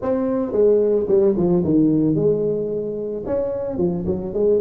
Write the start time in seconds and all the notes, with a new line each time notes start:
0.01 C4
0.52 G#3
1.08 G3
1.36 F3
1.63 D#3
2.15 G#3
3.26 C#4
3.77 F3
4.06 F#3
4.33 G#3